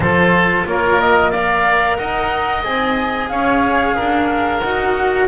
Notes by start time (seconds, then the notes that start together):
0.00 F3 F4 A4 C5
0.66 A#3 A#4 C#5
1.00 D#5
1.30 A#4 D5 F5
1.96 D#4 D#5 F#5
2.63 C4 G#4 G#5
3.28 C#4 C#5 F5
3.95 D4 A#4
4.59 D#4 F#4 F#5